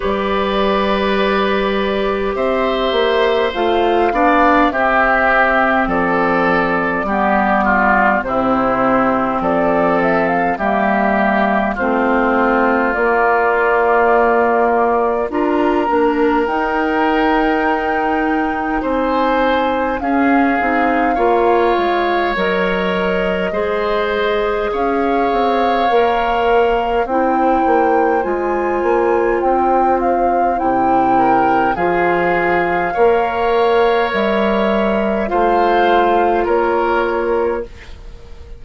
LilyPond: <<
  \new Staff \with { instrumentName = "flute" } { \time 4/4 \tempo 4 = 51 d''2 e''4 f''4 | e''4 d''2 c''4 | d''8 e''16 f''16 e''4 c''4 d''4~ | d''4 ais''4 g''2 |
gis''4 f''2 dis''4~ | dis''4 f''2 g''4 | gis''4 g''8 f''8 g''4 f''4~ | f''4 e''4 f''4 cis''4 | }
  \new Staff \with { instrumentName = "oboe" } { \time 4/4 b'2 c''4. d''8 | g'4 a'4 g'8 f'8 e'4 | a'4 g'4 f'2~ | f'4 ais'2. |
c''4 gis'4 cis''2 | c''4 cis''2 c''4~ | c''2~ c''8 ais'8 gis'4 | cis''2 c''4 ais'4 | }
  \new Staff \with { instrumentName = "clarinet" } { \time 4/4 g'2. f'8 d'8 | c'2 b4 c'4~ | c'4 ais4 c'4 ais4~ | ais4 f'8 d'8 dis'2~ |
dis'4 cis'8 dis'8 f'4 ais'4 | gis'2 ais'4 e'4 | f'2 e'4 f'4 | ais'2 f'2 | }
  \new Staff \with { instrumentName = "bassoon" } { \time 4/4 g2 c'8 ais8 a8 b8 | c'4 f4 g4 c4 | f4 g4 a4 ais4~ | ais4 d'8 ais8 dis'2 |
c'4 cis'8 c'8 ais8 gis8 fis4 | gis4 cis'8 c'8 ais4 c'8 ais8 | gis8 ais8 c'4 c4 f4 | ais4 g4 a4 ais4 | }
>>